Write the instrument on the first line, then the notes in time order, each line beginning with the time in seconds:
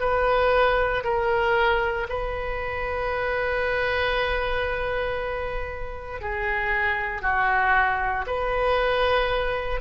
oboe
0.00 B4
1.03 A#4
2.09 B4
6.21 G#4
7.22 F#4
8.27 B4